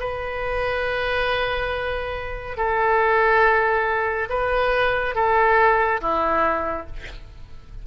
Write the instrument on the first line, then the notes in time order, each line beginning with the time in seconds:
oboe
0.00 B4
2.58 A4
4.30 B4
5.15 A4
6.01 E4